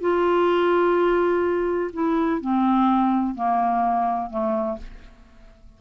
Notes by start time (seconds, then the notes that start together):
0.00 F4
1.93 E4
2.41 C4
3.35 A#3
4.30 A3